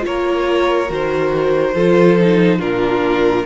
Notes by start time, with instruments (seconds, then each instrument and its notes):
0.00 cello A#3, viola F4, violin C#5
0.06 violin A#4
0.88 cello D#3, viola F#4, violin C5
1.74 cello F3, viola F4, violin A4
2.19 viola D#4
2.58 cello A#2, viola D4, violin F4 A#4